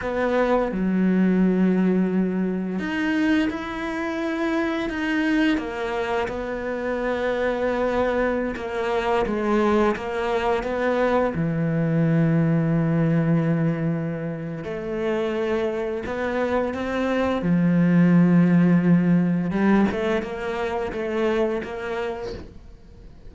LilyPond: \new Staff \with { instrumentName = "cello" } { \time 4/4 \tempo 4 = 86 b4 fis2. | dis'4 e'2 dis'4 | ais4 b2.~ | b16 ais4 gis4 ais4 b8.~ |
b16 e2.~ e8.~ | e4 a2 b4 | c'4 f2. | g8 a8 ais4 a4 ais4 | }